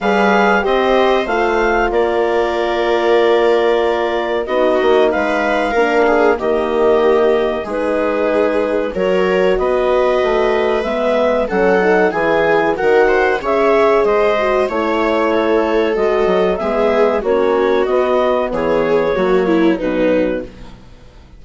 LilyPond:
<<
  \new Staff \with { instrumentName = "clarinet" } { \time 4/4 \tempo 4 = 94 f''4 dis''4 f''4 d''4~ | d''2. dis''4 | f''2 dis''2 | b'2 cis''4 dis''4~ |
dis''4 e''4 fis''4 gis''4 | fis''4 e''4 dis''4 cis''4~ | cis''4 dis''4 e''4 cis''4 | dis''4 cis''2 b'4 | }
  \new Staff \with { instrumentName = "viola" } { \time 4/4 b'4 c''2 ais'4~ | ais'2. fis'4 | b'4 ais'8 gis'8 g'2 | gis'2 ais'4 b'4~ |
b'2 a'4 gis'4 | ais'8 c''8 cis''4 c''4 cis''4 | a'2 gis'4 fis'4~ | fis'4 gis'4 fis'8 e'8 dis'4 | }
  \new Staff \with { instrumentName = "horn" } { \time 4/4 gis'4 g'4 f'2~ | f'2. dis'4~ | dis'4 d'4 ais2 | dis'2 fis'2~ |
fis'4 b4 cis'8 dis'8 e'4 | fis'4 gis'4. fis'8 e'4~ | e'4 fis'4 b4 cis'4 | b2 ais4 fis4 | }
  \new Staff \with { instrumentName = "bassoon" } { \time 4/4 g4 c'4 a4 ais4~ | ais2. b8 ais8 | gis4 ais4 dis2 | gis2 fis4 b4 |
a4 gis4 fis4 e4 | dis4 cis4 gis4 a4~ | a4 gis8 fis8 gis4 ais4 | b4 e4 fis4 b,4 | }
>>